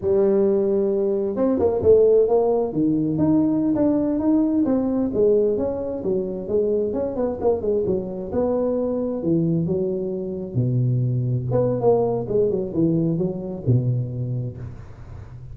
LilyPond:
\new Staff \with { instrumentName = "tuba" } { \time 4/4 \tempo 4 = 132 g2. c'8 ais8 | a4 ais4 dis4 dis'4~ | dis'16 d'4 dis'4 c'4 gis8.~ | gis16 cis'4 fis4 gis4 cis'8 b16~ |
b16 ais8 gis8 fis4 b4.~ b16~ | b16 e4 fis2 b,8.~ | b,4~ b,16 b8. ais4 gis8 fis8 | e4 fis4 b,2 | }